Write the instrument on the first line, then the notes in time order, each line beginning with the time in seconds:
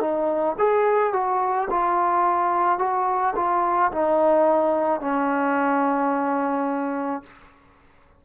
trombone
0.00 D#4
0.58 G#4
1.13 F#4
1.70 F4
2.78 F#4
3.36 F4
3.91 D#4
5.01 C#4